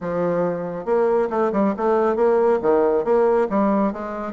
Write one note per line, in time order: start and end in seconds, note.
0.00 0.85 F3
0.85 1.28 A#3
1.29 1.51 A3
1.52 1.74 G3
1.76 2.15 A3
2.15 2.59 A#3
2.62 3.04 D#3
3.04 3.47 A#3
3.49 3.92 G3
3.92 4.32 G#3